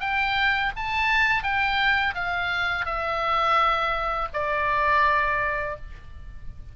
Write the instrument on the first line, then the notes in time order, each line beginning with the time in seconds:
oboe
0.00 G5
0.76 A5
1.43 G5
2.14 F5
2.85 E5
4.33 D5